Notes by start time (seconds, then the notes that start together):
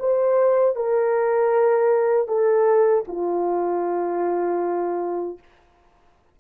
0.00 C5
0.76 A#4
2.28 A4
3.08 F4